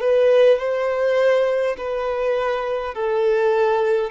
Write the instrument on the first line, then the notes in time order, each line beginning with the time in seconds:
violin
0.00 B4
0.59 C5
1.78 B4
2.94 A4